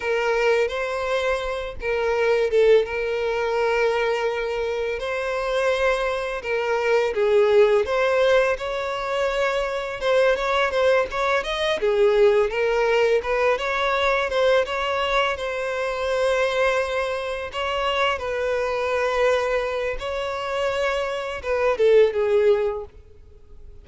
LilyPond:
\new Staff \with { instrumentName = "violin" } { \time 4/4 \tempo 4 = 84 ais'4 c''4. ais'4 a'8 | ais'2. c''4~ | c''4 ais'4 gis'4 c''4 | cis''2 c''8 cis''8 c''8 cis''8 |
dis''8 gis'4 ais'4 b'8 cis''4 | c''8 cis''4 c''2~ c''8~ | c''8 cis''4 b'2~ b'8 | cis''2 b'8 a'8 gis'4 | }